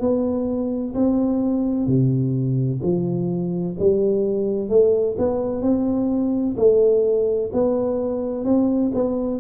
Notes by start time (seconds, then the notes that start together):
0.00 B3
0.94 C4
1.87 C3
2.83 F3
3.79 G3
4.69 A3
5.18 B3
5.62 C4
6.57 A3
7.53 B3
8.45 C4
8.94 B3